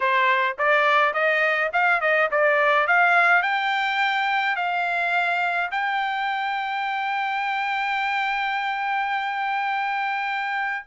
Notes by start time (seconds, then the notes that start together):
0.00 C5
0.58 D5
1.13 D#5
1.72 F5
2.00 D#5
2.31 D5
2.87 F5
3.42 G5
4.56 F5
5.71 G5